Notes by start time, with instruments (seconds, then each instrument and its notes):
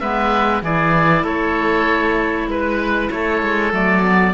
0.00 cello G#3, clarinet B3, oboe B4 E5
0.62 cello E3, clarinet E4, oboe G#4 D5
1.23 cello A3, oboe A4 C#5
2.48 cello G#3, oboe B4
3.11 cello A3, oboe A4 C#5
3.43 cello G#3
3.72 cello F#3, clarinet A3, oboe D5
4.03 clarinet B3